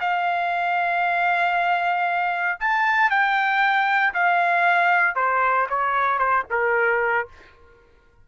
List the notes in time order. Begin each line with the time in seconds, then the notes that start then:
0.00 F5
2.60 A5
3.10 G5
4.14 F5
5.16 C5
5.69 C#5
6.19 C5
6.50 A#4